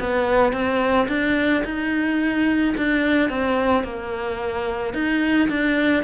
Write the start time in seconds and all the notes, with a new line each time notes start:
0.00 B3
0.53 C4
1.09 D4
1.65 D#4
2.77 D4
3.30 C4
3.84 A#3
4.94 D#4
5.49 D4